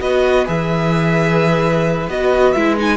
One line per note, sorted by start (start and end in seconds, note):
0.00 0.47 B3
0.00 0.46 F#4
0.00 2.97 B4
0.00 0.47 D#5
0.46 2.08 E3
0.46 2.07 G#4
0.46 2.09 E5
2.08 2.54 B3
2.08 2.56 F#4
2.08 2.52 D#5
2.52 2.97 G#3
2.52 2.77 E4
2.52 2.75 E5
2.77 2.97 D#4
2.77 2.97 G#5